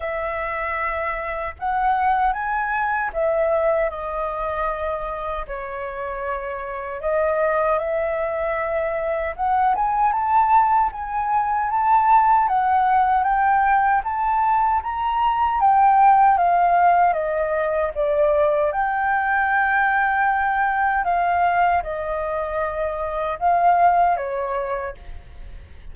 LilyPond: \new Staff \with { instrumentName = "flute" } { \time 4/4 \tempo 4 = 77 e''2 fis''4 gis''4 | e''4 dis''2 cis''4~ | cis''4 dis''4 e''2 | fis''8 gis''8 a''4 gis''4 a''4 |
fis''4 g''4 a''4 ais''4 | g''4 f''4 dis''4 d''4 | g''2. f''4 | dis''2 f''4 cis''4 | }